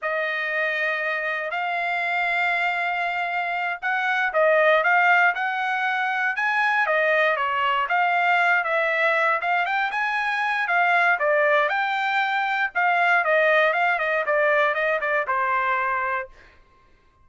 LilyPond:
\new Staff \with { instrumentName = "trumpet" } { \time 4/4 \tempo 4 = 118 dis''2. f''4~ | f''2.~ f''8 fis''8~ | fis''8 dis''4 f''4 fis''4.~ | fis''8 gis''4 dis''4 cis''4 f''8~ |
f''4 e''4. f''8 g''8 gis''8~ | gis''4 f''4 d''4 g''4~ | g''4 f''4 dis''4 f''8 dis''8 | d''4 dis''8 d''8 c''2 | }